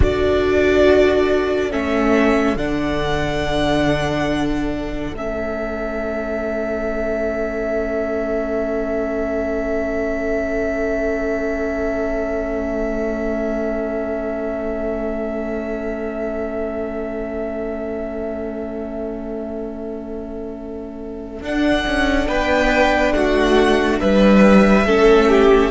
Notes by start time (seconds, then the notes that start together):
0.00 D4 F#4 A4 D5
1.71 A3 C#4 E5
2.56 D3 D4 F#5
5.13 A3 C#4 E5
21.41 D4 F#5
21.87 C#4
22.27 B3 B4 G5
23.12 A3 F#4 F#5
24.00 G3 B4 E5
24.84 A3 C#4 A4
25.28 G4